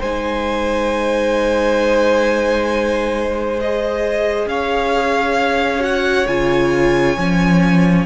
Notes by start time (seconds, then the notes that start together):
0.00 G#3 D#4 C5 G#5
3.59 G#4 D#5
4.46 C#4 C#5 F5
5.80 F#4 F#5
6.28 C#3 F4 G#5
7.18 F3 C#4